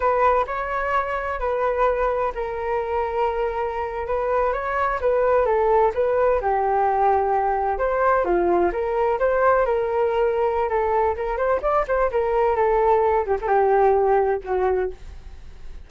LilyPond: \new Staff \with { instrumentName = "flute" } { \time 4/4 \tempo 4 = 129 b'4 cis''2 b'4~ | b'4 ais'2.~ | ais'8. b'4 cis''4 b'4 a'16~ | a'8. b'4 g'2~ g'16~ |
g'8. c''4 f'4 ais'4 c''16~ | c''8. ais'2~ ais'16 a'4 | ais'8 c''8 d''8 c''8 ais'4 a'4~ | a'8 g'16 a'16 g'2 fis'4 | }